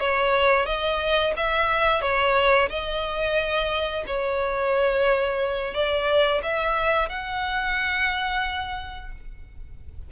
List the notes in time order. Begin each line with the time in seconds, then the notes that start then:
0.00 C#5
0.66 D#5
1.37 E5
2.02 C#5
2.70 D#5
4.07 C#5
5.74 D5
6.43 E5
7.09 F#5